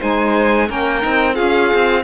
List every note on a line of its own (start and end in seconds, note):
0.00 0.70 G#3
0.00 0.67 D#4
0.00 0.68 C5
0.00 0.70 G#5
0.67 1.04 A#3
0.67 1.02 C#4
0.67 1.35 A#4
0.67 1.35 G5
1.02 1.39 C4
1.02 1.34 D#4
1.34 1.73 C#4
1.34 2.02 F4
1.34 2.03 G#4
1.34 2.03 F5
1.74 2.04 C4